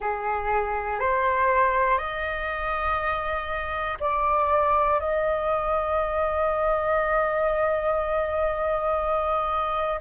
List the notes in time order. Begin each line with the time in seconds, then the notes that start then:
0.00 G#4
0.99 C5
1.98 D#5
4.00 D5
5.00 D#5